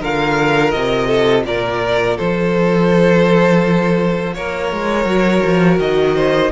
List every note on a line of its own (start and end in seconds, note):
0.00 0.74 D3
0.00 5.05 F4
0.00 1.07 A#4
0.00 0.71 F5
0.71 1.45 C3
0.71 1.43 D#5
1.07 1.43 A4
1.45 2.17 A#2
1.45 2.17 A#4
1.45 2.18 D5
2.17 4.36 F3
2.17 4.34 A4
2.17 4.34 C5
4.34 4.72 A#3
4.34 6.15 A#4
4.34 5.78 C#5
4.72 5.04 G#3
5.04 5.41 F#3
5.04 6.50 F#4
5.45 5.78 F3
5.78 6.50 D#3
5.78 6.52 D#5
6.15 6.51 C5